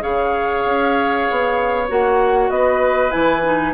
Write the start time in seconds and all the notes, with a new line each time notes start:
0.00 C#3 G#4 C#5 F5
0.65 C#4
1.31 B3
1.89 A#3 F#4 F#5
2.50 B3 B4 D#5
3.11 E3 E4 G#5
3.44 D#4